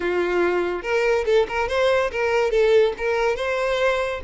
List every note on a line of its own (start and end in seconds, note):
0.00 0.82 F4
0.82 1.24 A#4
1.25 1.46 A4
1.48 1.68 A#4
1.68 2.10 C5
2.11 2.50 A#4
2.50 2.93 A4
2.97 3.36 A#4
3.36 4.20 C5